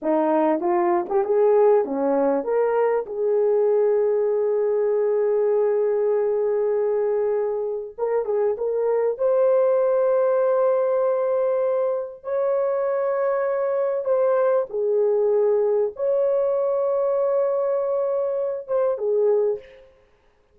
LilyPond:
\new Staff \with { instrumentName = "horn" } { \time 4/4 \tempo 4 = 98 dis'4 f'8. g'16 gis'4 cis'4 | ais'4 gis'2.~ | gis'1~ | gis'4 ais'8 gis'8 ais'4 c''4~ |
c''1 | cis''2. c''4 | gis'2 cis''2~ | cis''2~ cis''8 c''8 gis'4 | }